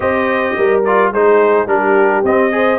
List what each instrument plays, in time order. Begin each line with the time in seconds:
0.00 tuba C4, trombone G4, horn C5, trumpet D#5
0.56 tuba G3, horn A#4
0.84 trombone F4, trumpet D5
1.12 tuba G#3, trombone D#4, horn G#4, trumpet C5
1.66 tuba G3, trombone D4, horn G4, trumpet A#4
2.23 tuba C4, trombone C4, trumpet D#5
2.51 trombone G#4, horn C5